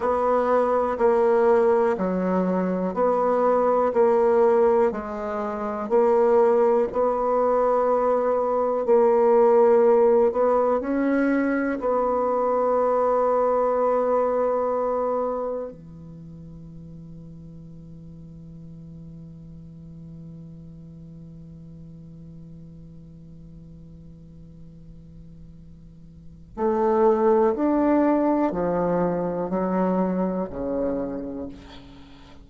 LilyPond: \new Staff \with { instrumentName = "bassoon" } { \time 4/4 \tempo 4 = 61 b4 ais4 fis4 b4 | ais4 gis4 ais4 b4~ | b4 ais4. b8 cis'4 | b1 |
e1~ | e1~ | e2. a4 | d'4 f4 fis4 cis4 | }